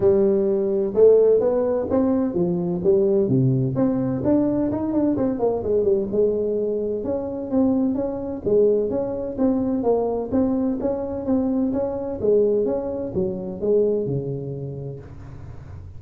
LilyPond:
\new Staff \with { instrumentName = "tuba" } { \time 4/4 \tempo 4 = 128 g2 a4 b4 | c'4 f4 g4 c4 | c'4 d'4 dis'8 d'8 c'8 ais8 | gis8 g8 gis2 cis'4 |
c'4 cis'4 gis4 cis'4 | c'4 ais4 c'4 cis'4 | c'4 cis'4 gis4 cis'4 | fis4 gis4 cis2 | }